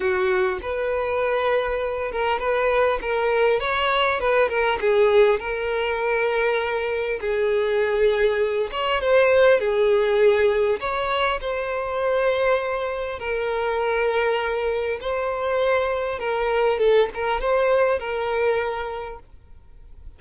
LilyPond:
\new Staff \with { instrumentName = "violin" } { \time 4/4 \tempo 4 = 100 fis'4 b'2~ b'8 ais'8 | b'4 ais'4 cis''4 b'8 ais'8 | gis'4 ais'2. | gis'2~ gis'8 cis''8 c''4 |
gis'2 cis''4 c''4~ | c''2 ais'2~ | ais'4 c''2 ais'4 | a'8 ais'8 c''4 ais'2 | }